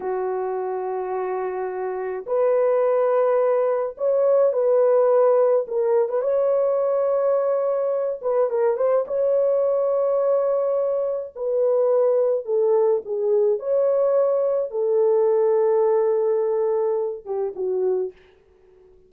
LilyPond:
\new Staff \with { instrumentName = "horn" } { \time 4/4 \tempo 4 = 106 fis'1 | b'2. cis''4 | b'2 ais'8. b'16 cis''4~ | cis''2~ cis''8 b'8 ais'8 c''8 |
cis''1 | b'2 a'4 gis'4 | cis''2 a'2~ | a'2~ a'8 g'8 fis'4 | }